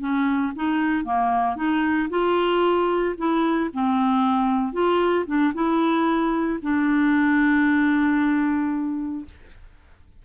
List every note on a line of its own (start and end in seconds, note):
0.00 0.53 C#4
0.56 1.05 D#4
1.05 1.56 A#3
1.56 2.09 D#4
2.10 3.15 F4
3.17 3.70 E4
3.73 4.73 C4
4.73 5.25 F4
5.27 5.53 D4
5.54 6.60 E4
6.62 9.25 D4